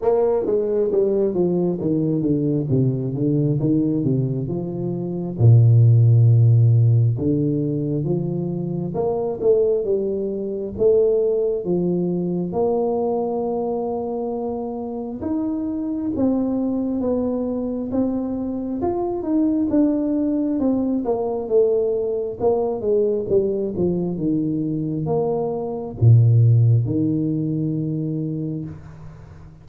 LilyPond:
\new Staff \with { instrumentName = "tuba" } { \time 4/4 \tempo 4 = 67 ais8 gis8 g8 f8 dis8 d8 c8 d8 | dis8 c8 f4 ais,2 | d4 f4 ais8 a8 g4 | a4 f4 ais2~ |
ais4 dis'4 c'4 b4 | c'4 f'8 dis'8 d'4 c'8 ais8 | a4 ais8 gis8 g8 f8 dis4 | ais4 ais,4 dis2 | }